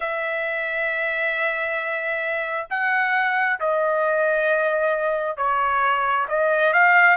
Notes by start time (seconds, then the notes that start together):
0.00 E5
2.69 F#5
3.60 D#5
5.36 C#5
6.28 D#5
6.73 F5